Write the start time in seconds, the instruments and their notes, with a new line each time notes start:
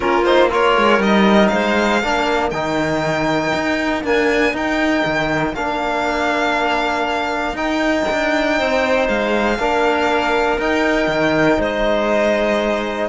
0.00 cello A#3, trombone C#4, clarinet F4, violin A#4
0.24 trombone D#4, violin C5
0.50 trombone F4, clarinet A#4, violin C#5
0.77 cello G#3
0.98 cello G3, trombone D#4, violin D#5
1.48 cello G#3, clarinet C5, violin F5
2.01 cello A#3, trombone D4, clarinet A#4
2.50 cello D#3, trombone D#4, violin G5
3.53 cello D#4
4.04 trombone A#3, cello D4, violin G#5
4.52 cello D#4, trombone D#4, violin G5
5.05 cello D#3
5.53 cello A#3, trombone D4, violin F5
7.53 cello D#4, trombone D#4, violin G5
8.11 cello D4
8.58 cello C4, clarinet C5
9.08 cello G#3, violin F5
9.58 cello A#3, trombone D4, clarinet A#4
10.58 cello D#4, trombone D#4, violin G5
11.07 cello D#3
11.58 cello G#3, clarinet C5, violin D#5